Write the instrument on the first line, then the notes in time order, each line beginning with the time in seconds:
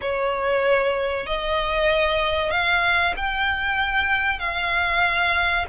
violin
0.01 C#5
1.26 D#5
2.51 F5
3.16 G5
4.39 F5